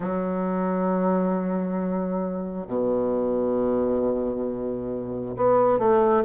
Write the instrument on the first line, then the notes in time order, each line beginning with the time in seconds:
bassoon
0.00 F#3
2.67 B2
5.36 B3
5.78 A3